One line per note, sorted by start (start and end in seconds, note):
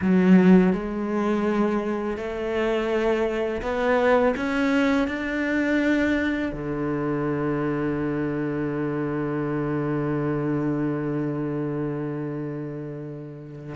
0.01 0.72 F#3
0.72 2.17 G#3
2.17 3.61 A3
3.62 4.34 B3
4.36 5.07 C#4
5.07 6.52 D4
6.52 13.75 D3